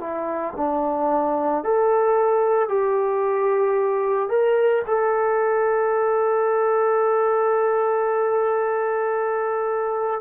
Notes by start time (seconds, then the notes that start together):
0.00 E4
0.56 D4
1.63 A4
2.68 G4
4.29 A#4
4.87 A4